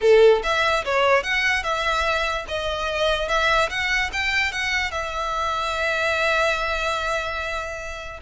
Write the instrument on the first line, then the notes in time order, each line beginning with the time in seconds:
violin
0.01 A4
0.43 E5
0.85 C#5
1.23 F#5
1.63 E5
2.48 D#5
3.28 E5
3.69 F#5
4.12 G5
4.51 F#5
4.91 E5